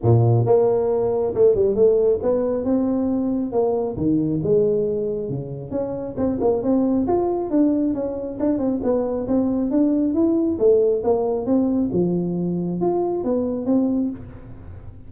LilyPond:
\new Staff \with { instrumentName = "tuba" } { \time 4/4 \tempo 4 = 136 ais,4 ais2 a8 g8 | a4 b4 c'2 | ais4 dis4 gis2 | cis4 cis'4 c'8 ais8 c'4 |
f'4 d'4 cis'4 d'8 c'8 | b4 c'4 d'4 e'4 | a4 ais4 c'4 f4~ | f4 f'4 b4 c'4 | }